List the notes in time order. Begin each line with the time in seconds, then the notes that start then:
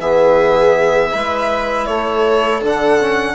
0.00 E3 B3 G#4 E5
1.12 G#3 E4 B4
1.86 A3 A4 C#5
2.62 D3 D4 F#5
3.01 C#4